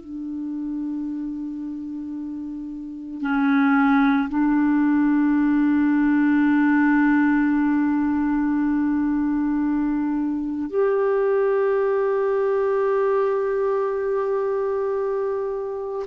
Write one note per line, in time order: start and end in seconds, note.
0.00 3.21 D4
3.21 4.28 C#4
4.29 10.70 D4
10.70 16.06 G4